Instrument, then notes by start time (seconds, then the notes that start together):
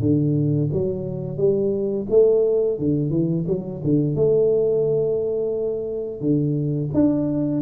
tuba
0.00 D3
0.72 F#3
1.37 G3
2.10 A3
2.78 D3
3.10 E3
3.47 F#3
3.83 D3
4.15 A3
6.21 D3
6.93 D4